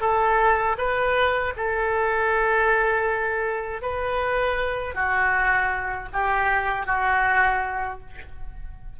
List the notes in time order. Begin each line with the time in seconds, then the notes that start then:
0.00 A4
0.77 B4
1.56 A4
3.82 B4
4.94 F#4
6.13 G4
6.86 F#4